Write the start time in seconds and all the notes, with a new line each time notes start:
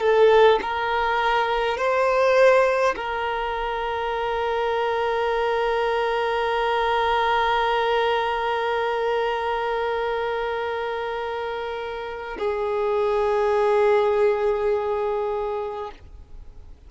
0.00 A4
0.61 A#4
1.77 C5
2.96 A#4
12.38 G#4